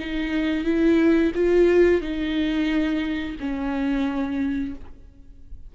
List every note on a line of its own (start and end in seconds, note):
0.00 0.65 D#4
0.65 1.32 E4
1.35 2.01 F4
2.01 3.36 D#4
3.40 4.75 C#4